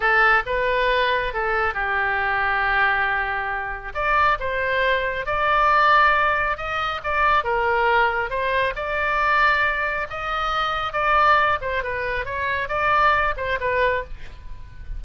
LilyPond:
\new Staff \with { instrumentName = "oboe" } { \time 4/4 \tempo 4 = 137 a'4 b'2 a'4 | g'1~ | g'4 d''4 c''2 | d''2. dis''4 |
d''4 ais'2 c''4 | d''2. dis''4~ | dis''4 d''4. c''8 b'4 | cis''4 d''4. c''8 b'4 | }